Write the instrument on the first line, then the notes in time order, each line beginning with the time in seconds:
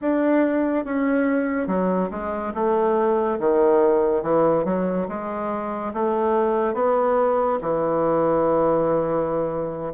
bassoon
0.01 D4
0.85 C#4
1.67 F#3
2.10 G#3
2.54 A3
3.39 D#3
4.23 E3
4.64 F#3
5.08 G#3
5.93 A3
6.74 B3
7.61 E3